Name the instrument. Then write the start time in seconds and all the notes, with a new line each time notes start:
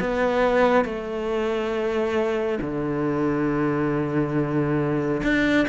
cello
0.00 B3
0.85 A3
2.61 D3
5.23 D4